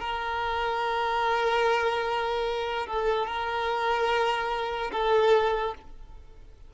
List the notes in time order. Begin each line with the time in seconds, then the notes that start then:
0.00 A#4
2.87 A4
3.27 A#4
4.92 A4